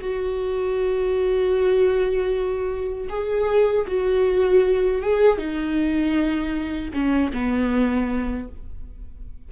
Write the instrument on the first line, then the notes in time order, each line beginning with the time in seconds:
viola
0.00 F#4
3.09 G#4
3.87 F#4
5.01 G#4
5.38 D#4
6.93 C#4
7.33 B3